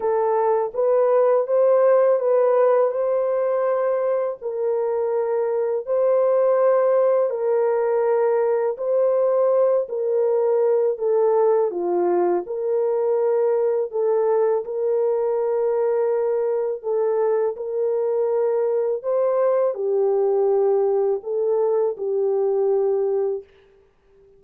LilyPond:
\new Staff \with { instrumentName = "horn" } { \time 4/4 \tempo 4 = 82 a'4 b'4 c''4 b'4 | c''2 ais'2 | c''2 ais'2 | c''4. ais'4. a'4 |
f'4 ais'2 a'4 | ais'2. a'4 | ais'2 c''4 g'4~ | g'4 a'4 g'2 | }